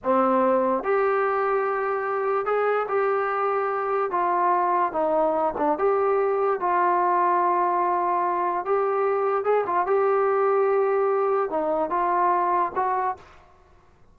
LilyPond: \new Staff \with { instrumentName = "trombone" } { \time 4/4 \tempo 4 = 146 c'2 g'2~ | g'2 gis'4 g'4~ | g'2 f'2 | dis'4. d'8 g'2 |
f'1~ | f'4 g'2 gis'8 f'8 | g'1 | dis'4 f'2 fis'4 | }